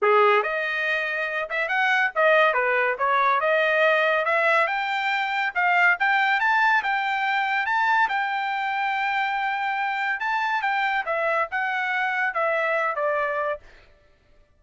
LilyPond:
\new Staff \with { instrumentName = "trumpet" } { \time 4/4 \tempo 4 = 141 gis'4 dis''2~ dis''8 e''8 | fis''4 dis''4 b'4 cis''4 | dis''2 e''4 g''4~ | g''4 f''4 g''4 a''4 |
g''2 a''4 g''4~ | g''1 | a''4 g''4 e''4 fis''4~ | fis''4 e''4. d''4. | }